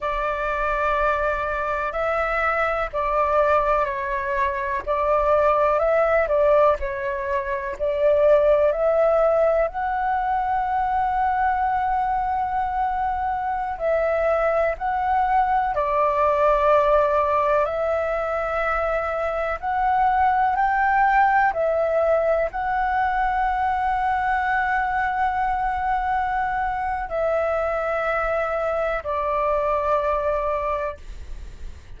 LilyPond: \new Staff \with { instrumentName = "flute" } { \time 4/4 \tempo 4 = 62 d''2 e''4 d''4 | cis''4 d''4 e''8 d''8 cis''4 | d''4 e''4 fis''2~ | fis''2~ fis''16 e''4 fis''8.~ |
fis''16 d''2 e''4.~ e''16~ | e''16 fis''4 g''4 e''4 fis''8.~ | fis''1 | e''2 d''2 | }